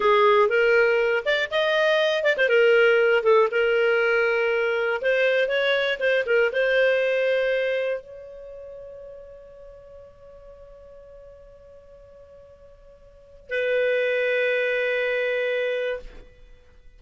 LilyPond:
\new Staff \with { instrumentName = "clarinet" } { \time 4/4 \tempo 4 = 120 gis'4 ais'4. d''8 dis''4~ | dis''8 d''16 c''16 ais'4. a'8 ais'4~ | ais'2 c''4 cis''4 | c''8 ais'8 c''2. |
cis''1~ | cis''1~ | cis''2. b'4~ | b'1 | }